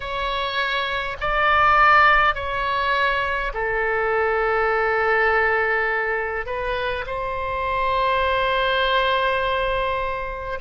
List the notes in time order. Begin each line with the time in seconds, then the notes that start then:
0.00 C#5
1.20 D5
2.34 C#5
3.53 A4
6.45 B4
7.06 C5